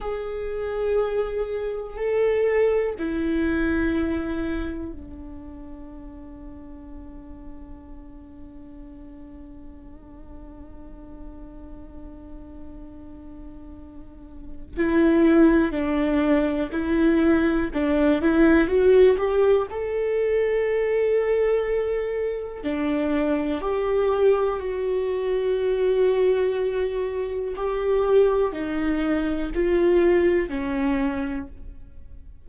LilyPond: \new Staff \with { instrumentName = "viola" } { \time 4/4 \tempo 4 = 61 gis'2 a'4 e'4~ | e'4 d'2.~ | d'1~ | d'2. e'4 |
d'4 e'4 d'8 e'8 fis'8 g'8 | a'2. d'4 | g'4 fis'2. | g'4 dis'4 f'4 cis'4 | }